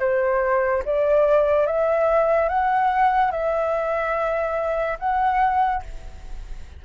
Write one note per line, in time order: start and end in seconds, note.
0.00 0.83 C5
0.86 1.67 D5
1.67 2.49 E5
2.49 3.31 F#5
3.31 4.98 E5
5.00 5.83 F#5